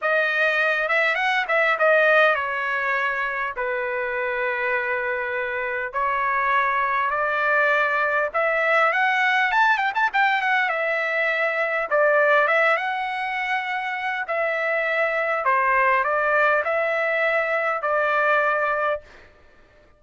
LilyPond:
\new Staff \with { instrumentName = "trumpet" } { \time 4/4 \tempo 4 = 101 dis''4. e''8 fis''8 e''8 dis''4 | cis''2 b'2~ | b'2 cis''2 | d''2 e''4 fis''4 |
a''8 g''16 a''16 g''8 fis''8 e''2 | d''4 e''8 fis''2~ fis''8 | e''2 c''4 d''4 | e''2 d''2 | }